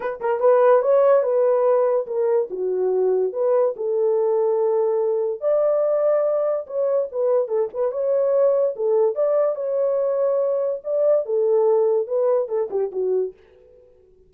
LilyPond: \new Staff \with { instrumentName = "horn" } { \time 4/4 \tempo 4 = 144 b'8 ais'8 b'4 cis''4 b'4~ | b'4 ais'4 fis'2 | b'4 a'2.~ | a'4 d''2. |
cis''4 b'4 a'8 b'8 cis''4~ | cis''4 a'4 d''4 cis''4~ | cis''2 d''4 a'4~ | a'4 b'4 a'8 g'8 fis'4 | }